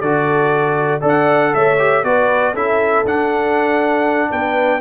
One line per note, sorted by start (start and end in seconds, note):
0.00 1.01 D3
0.00 1.00 F#4
0.00 1.01 A4
0.00 1.01 D5
1.00 1.53 D4
1.00 1.76 A4
1.00 1.51 D5
1.08 1.54 F#5
1.54 2.03 A3
1.54 2.04 C#5
1.54 2.04 E5
1.78 2.03 G4
2.03 2.53 B3
2.03 2.54 F#4
2.03 2.53 B4
2.03 2.54 D5
2.53 3.04 C#4
2.53 3.05 E4
2.53 4.29 A4
2.53 3.06 E5
3.04 4.30 D4
3.04 4.81 D4
3.04 4.31 F#5
4.30 4.81 B3
4.30 4.80 B4
4.30 4.81 G5